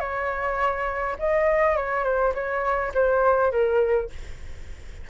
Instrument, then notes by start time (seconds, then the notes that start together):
flute
0.00 C#5
1.19 D#5
1.76 C#5
2.04 C5
2.34 C#5
2.94 C5
3.52 A#4